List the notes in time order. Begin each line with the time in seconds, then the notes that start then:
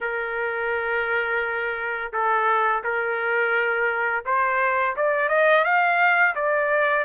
0.00 A#4
2.12 A4
2.83 A#4
4.25 C5
4.96 D5
5.28 D#5
5.64 F5
6.35 D5